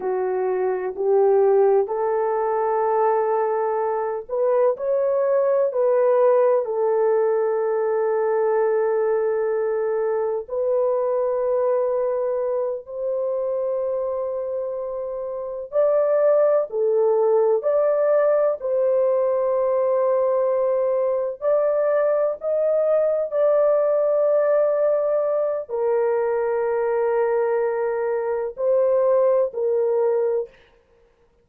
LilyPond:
\new Staff \with { instrumentName = "horn" } { \time 4/4 \tempo 4 = 63 fis'4 g'4 a'2~ | a'8 b'8 cis''4 b'4 a'4~ | a'2. b'4~ | b'4. c''2~ c''8~ |
c''8 d''4 a'4 d''4 c''8~ | c''2~ c''8 d''4 dis''8~ | dis''8 d''2~ d''8 ais'4~ | ais'2 c''4 ais'4 | }